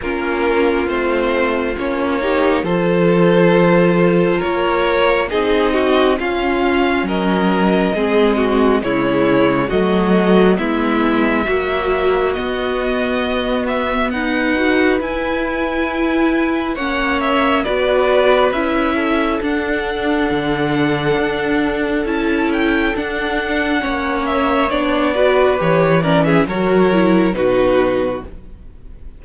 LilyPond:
<<
  \new Staff \with { instrumentName = "violin" } { \time 4/4 \tempo 4 = 68 ais'4 c''4 cis''4 c''4~ | c''4 cis''4 dis''4 f''4 | dis''2 cis''4 dis''4 | e''2 dis''4. e''8 |
fis''4 gis''2 fis''8 e''8 | d''4 e''4 fis''2~ | fis''4 a''8 g''8 fis''4. e''8 | d''4 cis''8 d''16 e''16 cis''4 b'4 | }
  \new Staff \with { instrumentName = "violin" } { \time 4/4 f'2~ f'8 g'8 a'4~ | a'4 ais'4 gis'8 fis'8 f'4 | ais'4 gis'8 fis'8 e'4 fis'4 | e'4 fis'2. |
b'2. cis''4 | b'4. a'2~ a'8~ | a'2. cis''4~ | cis''8 b'4 ais'16 gis'16 ais'4 fis'4 | }
  \new Staff \with { instrumentName = "viola" } { \time 4/4 cis'4 c'4 cis'8 dis'8 f'4~ | f'2 dis'4 cis'4~ | cis'4 c'4 gis4 a4 | b4 fis4 b2~ |
b8 fis'8 e'2 cis'4 | fis'4 e'4 d'2~ | d'4 e'4 d'4 cis'4 | d'8 fis'8 g'8 cis'8 fis'8 e'8 dis'4 | }
  \new Staff \with { instrumentName = "cello" } { \time 4/4 ais4 a4 ais4 f4~ | f4 ais4 c'4 cis'4 | fis4 gis4 cis4 fis4 | gis4 ais4 b2 |
dis'4 e'2 ais4 | b4 cis'4 d'4 d4 | d'4 cis'4 d'4 ais4 | b4 e4 fis4 b,4 | }
>>